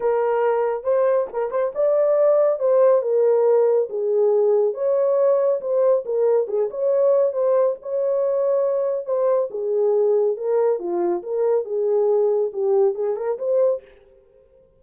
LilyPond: \new Staff \with { instrumentName = "horn" } { \time 4/4 \tempo 4 = 139 ais'2 c''4 ais'8 c''8 | d''2 c''4 ais'4~ | ais'4 gis'2 cis''4~ | cis''4 c''4 ais'4 gis'8 cis''8~ |
cis''4 c''4 cis''2~ | cis''4 c''4 gis'2 | ais'4 f'4 ais'4 gis'4~ | gis'4 g'4 gis'8 ais'8 c''4 | }